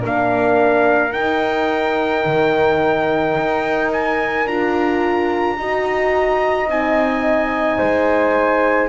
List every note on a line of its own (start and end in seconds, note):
0.00 1.14 A#3
0.00 1.12 D4
0.00 5.56 A#4
0.06 1.13 F5
1.13 4.46 D#4
1.13 2.25 D#4
1.13 3.91 G5
2.25 3.37 D#3
3.38 4.46 D#4
3.92 4.48 G#5
4.46 5.57 D4
4.46 5.59 F4
4.46 6.70 A#5
5.57 6.68 D#4
5.57 6.69 F#4
5.57 7.78 D#5
6.68 7.79 C4
6.68 8.90 D#4
6.68 8.90 G#5
7.78 8.90 G#3
7.78 8.89 C5